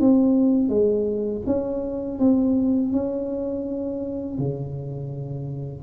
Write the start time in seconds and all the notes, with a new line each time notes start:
0.00 C4
0.69 G#3
1.46 C#4
2.19 C4
2.92 C#4
4.38 C#3